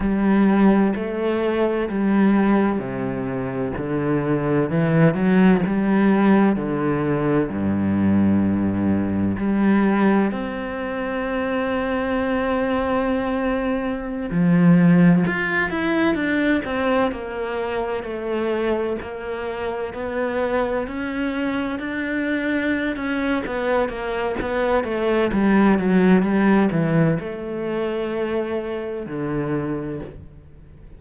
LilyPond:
\new Staff \with { instrumentName = "cello" } { \time 4/4 \tempo 4 = 64 g4 a4 g4 c4 | d4 e8 fis8 g4 d4 | g,2 g4 c'4~ | c'2.~ c'16 f8.~ |
f16 f'8 e'8 d'8 c'8 ais4 a8.~ | a16 ais4 b4 cis'4 d'8.~ | d'8 cis'8 b8 ais8 b8 a8 g8 fis8 | g8 e8 a2 d4 | }